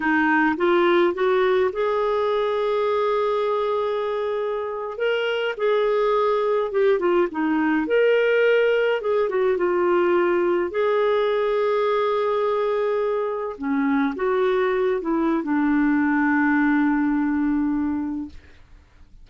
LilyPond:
\new Staff \with { instrumentName = "clarinet" } { \time 4/4 \tempo 4 = 105 dis'4 f'4 fis'4 gis'4~ | gis'1~ | gis'8. ais'4 gis'2 g'16~ | g'16 f'8 dis'4 ais'2 gis'16~ |
gis'16 fis'8 f'2 gis'4~ gis'16~ | gis'2.~ gis'8. cis'16~ | cis'8. fis'4. e'8. d'4~ | d'1 | }